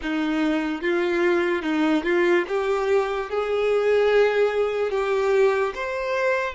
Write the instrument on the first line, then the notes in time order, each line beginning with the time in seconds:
violin
0.02 D#4
0.81 F4
1.62 D#4
2.03 F4
2.47 G4
3.30 G#4
4.91 G4
5.75 C5